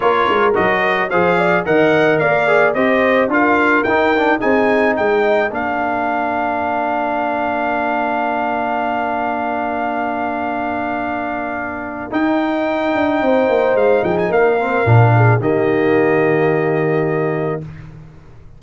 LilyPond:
<<
  \new Staff \with { instrumentName = "trumpet" } { \time 4/4 \tempo 4 = 109 cis''4 dis''4 f''4 fis''4 | f''4 dis''4 f''4 g''4 | gis''4 g''4 f''2~ | f''1~ |
f''1~ | f''2 g''2~ | g''4 f''8 g''16 gis''16 f''2 | dis''1 | }
  \new Staff \with { instrumentName = "horn" } { \time 4/4 ais'2 c''8 d''8 dis''4 | d''4 c''4 ais'2 | gis'4 dis''4 ais'2~ | ais'1~ |
ais'1~ | ais'1 | c''4. gis'8 ais'4. gis'8 | g'1 | }
  \new Staff \with { instrumentName = "trombone" } { \time 4/4 f'4 fis'4 gis'4 ais'4~ | ais'8 gis'8 g'4 f'4 dis'8 d'8 | dis'2 d'2~ | d'1~ |
d'1~ | d'2 dis'2~ | dis'2~ dis'8 c'8 d'4 | ais1 | }
  \new Staff \with { instrumentName = "tuba" } { \time 4/4 ais8 gis8 fis4 f4 dis4 | ais4 c'4 d'4 dis'4 | c'4 gis4 ais2~ | ais1~ |
ais1~ | ais2 dis'4. d'8 | c'8 ais8 gis8 f8 ais4 ais,4 | dis1 | }
>>